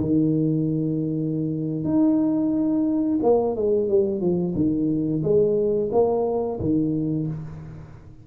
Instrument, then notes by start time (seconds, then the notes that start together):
tuba
0.00 D#3
1.84 D#4
3.22 A#3
3.55 G#3
3.88 G3
4.20 F3
4.55 D#3
5.22 G#3
5.91 A#3
6.59 D#3